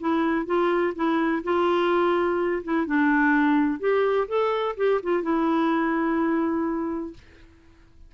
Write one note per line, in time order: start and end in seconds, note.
0.00 0.46 E4
0.46 0.94 F4
0.95 1.43 E4
1.44 2.63 F4
2.63 2.86 E4
2.86 3.80 D4
3.80 4.27 G4
4.28 4.76 A4
4.77 5.01 G4
5.03 5.23 F4
5.23 7.13 E4